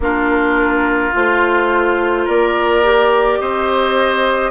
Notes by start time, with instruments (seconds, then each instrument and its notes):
0.00 bassoon A#3, clarinet D4, oboe F4, flute A#4
1.12 bassoon A3, clarinet F4, flute C5
2.25 bassoon A#3, oboe A#4, flute D5
2.83 clarinet G4
3.40 bassoon C4, oboe C5, flute D#5